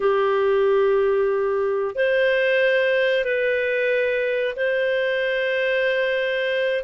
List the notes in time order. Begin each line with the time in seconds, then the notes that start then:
0.00 G4
1.95 C5
3.24 B4
4.56 C5